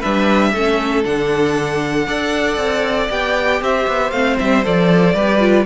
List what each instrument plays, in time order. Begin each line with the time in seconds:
0.00 cello G3, viola D4, violin B4 E5
0.54 cello A3, viola C#4, violin A4
1.05 cello D3, viola D4, violin F#5
2.07 cello D4, viola A4, violin D5
2.57 cello C4
3.10 cello B3, viola G4, violin G5
3.62 cello C4, violin C5 E5
3.88 cello B3
4.11 cello A3, viola C4, violin F5
4.39 cello G3, violin E5
4.64 cello F3, viola A4, violin D5
5.15 cello G3, viola G4, violin B4
5.40 viola F4